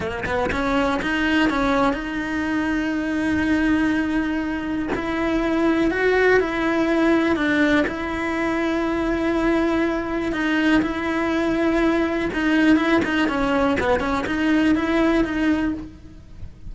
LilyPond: \new Staff \with { instrumentName = "cello" } { \time 4/4 \tempo 4 = 122 ais8 b8 cis'4 dis'4 cis'4 | dis'1~ | dis'2 e'2 | fis'4 e'2 d'4 |
e'1~ | e'4 dis'4 e'2~ | e'4 dis'4 e'8 dis'8 cis'4 | b8 cis'8 dis'4 e'4 dis'4 | }